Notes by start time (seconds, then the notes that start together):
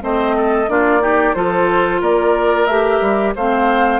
0.00 A3 C4 C5 D#5
0.36 A4
0.67 A#3 D4 F4 D5
1.00 D#4 G4
1.34 F3 F4 A4 C5
2.01 A#3 A#4 D5
2.66 A3 G4 E5
3.01 G3
3.35 A3 C4 C5 F5